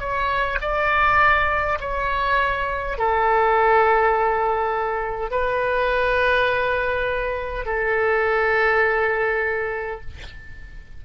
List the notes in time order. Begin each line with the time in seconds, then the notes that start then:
0.00 C#5
0.61 D5
1.80 C#5
2.98 A4
5.31 B4
7.65 A4